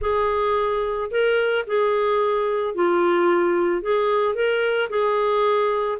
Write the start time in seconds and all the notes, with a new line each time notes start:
0.01 G#4
1.10 A#4
1.66 G#4
2.74 F4
3.82 G#4
4.34 A#4
4.89 G#4